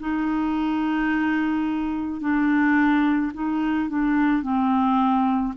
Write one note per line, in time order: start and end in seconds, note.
0.00 2.21 D#4
2.21 3.32 D4
3.34 3.89 D#4
3.89 4.43 D4
4.43 5.54 C4